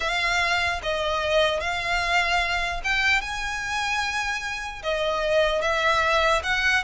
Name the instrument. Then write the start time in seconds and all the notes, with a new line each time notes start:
violin
0.00 F5
0.83 D#5
1.60 F5
2.84 G5
3.21 G#5
4.82 D#5
5.61 E5
6.43 F#5